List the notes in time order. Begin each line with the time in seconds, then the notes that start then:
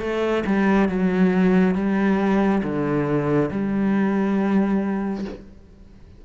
0.00 A3
0.46 G3
0.89 F#3
1.75 G3
2.63 D3
3.51 G3